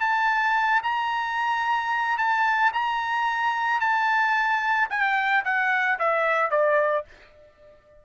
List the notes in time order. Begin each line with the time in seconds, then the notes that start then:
0.00 A5
0.83 A#5
2.17 A5
2.73 A#5
3.80 A5
4.90 G5
5.44 F#5
5.99 E5
6.51 D5